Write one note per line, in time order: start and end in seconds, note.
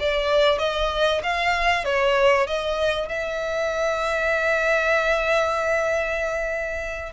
0.00 0.59 D5
0.59 1.22 D#5
1.23 1.85 F5
1.85 2.47 C#5
2.47 3.09 D#5
3.09 7.13 E5